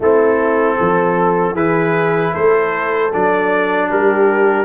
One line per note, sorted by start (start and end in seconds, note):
0.00 0.76 A3
0.00 1.55 C4
0.00 0.76 E4
0.00 1.56 A4
0.76 1.54 F3
0.76 1.53 A4
1.53 2.32 E3
1.53 3.11 E4
1.53 2.31 G#4
1.53 2.34 B4
2.32 3.13 A3
2.32 3.88 A4
2.32 3.12 C5
3.13 3.92 F#3
3.13 4.65 D4
3.13 3.91 D5
3.89 4.65 G3
3.89 4.65 G4
3.89 4.65 A#4